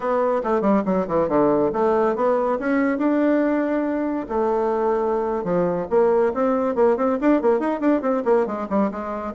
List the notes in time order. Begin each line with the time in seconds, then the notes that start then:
0.00 B3
0.43 A3
0.61 G3
0.85 F#3
1.07 E3
1.28 D3
1.72 A3
2.15 B3
2.59 C#4
2.98 D4
4.29 A3
5.44 F3
5.90 A#3
6.33 C4
6.75 A#3
6.96 C4
7.20 D4
7.41 A#3
7.59 D#4
7.80 D4
8.01 C4
8.25 A#3
8.46 G#3
8.69 G3
8.91 G#3